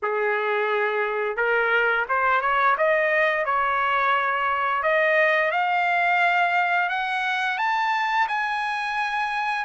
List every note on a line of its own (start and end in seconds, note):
0.02 1.36 G#4
1.36 2.05 A#4
2.08 2.41 C5
2.41 2.76 C#5
2.77 3.45 D#5
3.45 4.82 C#5
4.82 5.51 D#5
5.51 6.89 F5
6.89 7.58 F#5
7.58 8.27 A5
8.28 9.64 G#5